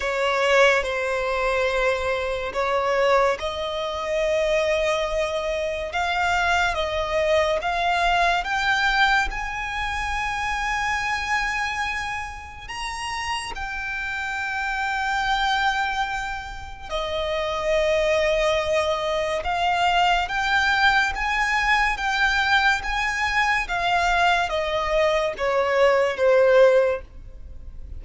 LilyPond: \new Staff \with { instrumentName = "violin" } { \time 4/4 \tempo 4 = 71 cis''4 c''2 cis''4 | dis''2. f''4 | dis''4 f''4 g''4 gis''4~ | gis''2. ais''4 |
g''1 | dis''2. f''4 | g''4 gis''4 g''4 gis''4 | f''4 dis''4 cis''4 c''4 | }